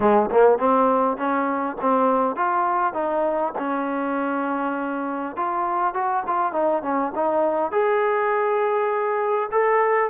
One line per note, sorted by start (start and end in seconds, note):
0.00 0.29 G#3
0.31 0.58 A#3
0.58 1.17 C4
1.17 1.76 C#4
1.81 2.36 C4
2.36 2.93 F4
2.93 3.53 D#4
3.58 5.36 C#4
5.36 5.94 F4
5.94 6.23 F#4
6.26 6.52 F4
6.52 6.82 D#4
6.82 7.12 C#4
7.14 7.71 D#4
7.71 9.49 G#4
9.51 10.10 A4